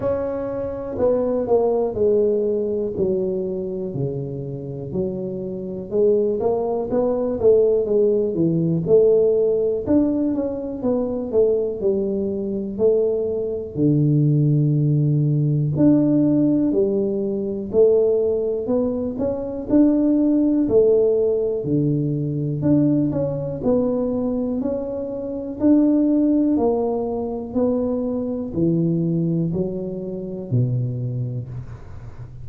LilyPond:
\new Staff \with { instrumentName = "tuba" } { \time 4/4 \tempo 4 = 61 cis'4 b8 ais8 gis4 fis4 | cis4 fis4 gis8 ais8 b8 a8 | gis8 e8 a4 d'8 cis'8 b8 a8 | g4 a4 d2 |
d'4 g4 a4 b8 cis'8 | d'4 a4 d4 d'8 cis'8 | b4 cis'4 d'4 ais4 | b4 e4 fis4 b,4 | }